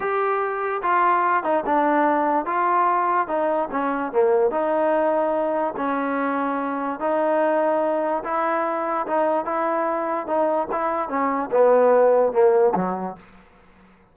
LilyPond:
\new Staff \with { instrumentName = "trombone" } { \time 4/4 \tempo 4 = 146 g'2 f'4. dis'8 | d'2 f'2 | dis'4 cis'4 ais4 dis'4~ | dis'2 cis'2~ |
cis'4 dis'2. | e'2 dis'4 e'4~ | e'4 dis'4 e'4 cis'4 | b2 ais4 fis4 | }